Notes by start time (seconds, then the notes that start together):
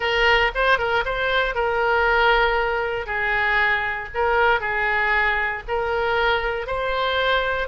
0.00 A#4
0.55 C5
0.78 A#4
1.05 C5
1.54 A#4
3.06 G#4
4.14 A#4
4.60 G#4
5.67 A#4
6.66 C5